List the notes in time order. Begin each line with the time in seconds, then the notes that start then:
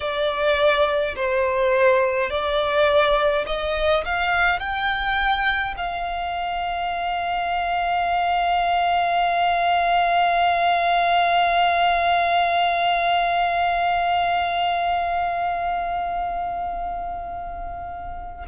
0.00 D5
1.15 C5
2.30 D5
3.46 D#5
4.04 F5
4.59 G5
5.76 F5